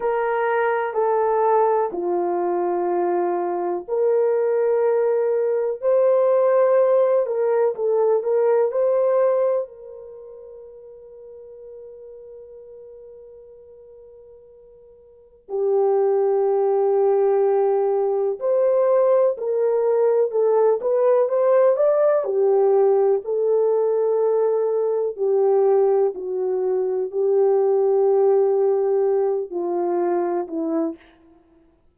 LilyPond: \new Staff \with { instrumentName = "horn" } { \time 4/4 \tempo 4 = 62 ais'4 a'4 f'2 | ais'2 c''4. ais'8 | a'8 ais'8 c''4 ais'2~ | ais'1 |
g'2. c''4 | ais'4 a'8 b'8 c''8 d''8 g'4 | a'2 g'4 fis'4 | g'2~ g'8 f'4 e'8 | }